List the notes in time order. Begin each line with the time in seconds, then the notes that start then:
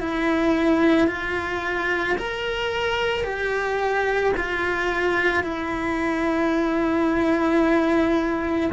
0.00 E4
1.07 F4
2.17 A#4
3.23 G4
4.36 F4
5.43 E4